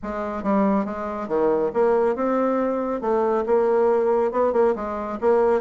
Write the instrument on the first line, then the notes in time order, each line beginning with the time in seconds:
bassoon
0.02 G#3
0.43 G3
0.85 G#3
1.28 D#3
1.73 A#3
2.15 C4
3.01 A3
3.46 A#3
4.31 B3
4.52 A#3
4.75 G#3
5.20 A#3